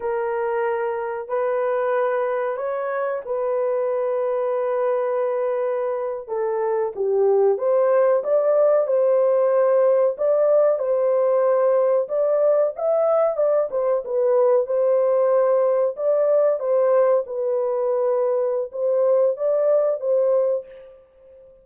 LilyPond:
\new Staff \with { instrumentName = "horn" } { \time 4/4 \tempo 4 = 93 ais'2 b'2 | cis''4 b'2.~ | b'4.~ b'16 a'4 g'4 c''16~ | c''8. d''4 c''2 d''16~ |
d''8. c''2 d''4 e''16~ | e''8. d''8 c''8 b'4 c''4~ c''16~ | c''8. d''4 c''4 b'4~ b'16~ | b'4 c''4 d''4 c''4 | }